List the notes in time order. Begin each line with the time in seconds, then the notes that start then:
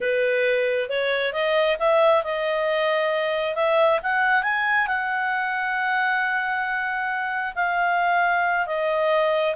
0.00 B4
0.89 C#5
1.32 D#5
1.79 E5
2.23 D#5
3.55 E5
4.02 F#5
4.42 G#5
4.87 F#5
7.55 F5
8.66 D#5